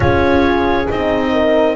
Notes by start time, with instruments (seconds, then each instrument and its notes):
0.00 double bass C#4, horn F4 G#4, clarinet C#5
0.89 double bass C4, horn D#4, clarinet D#5
1.32 horn A#4